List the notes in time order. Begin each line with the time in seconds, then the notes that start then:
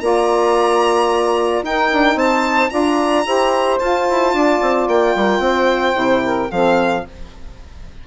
0.00 A#3 F4 D5 A#5
1.62 D#4 A#4 G5
1.93 D4
2.15 C4 C5 A5
2.69 D4 F4 D5 A#5
3.25 E4 G4 C5
3.79 F4 A5
4.10 E4
4.33 D4 D5
4.61 C4
4.87 A#3 G5
5.15 G3 A#4
5.39 C4 C5
5.93 C3 E4
6.24 A#4
6.51 F3 C4 A4 F5